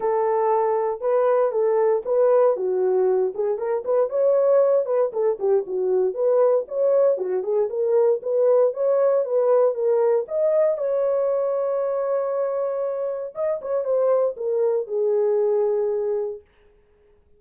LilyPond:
\new Staff \with { instrumentName = "horn" } { \time 4/4 \tempo 4 = 117 a'2 b'4 a'4 | b'4 fis'4. gis'8 ais'8 b'8 | cis''4. b'8 a'8 g'8 fis'4 | b'4 cis''4 fis'8 gis'8 ais'4 |
b'4 cis''4 b'4 ais'4 | dis''4 cis''2.~ | cis''2 dis''8 cis''8 c''4 | ais'4 gis'2. | }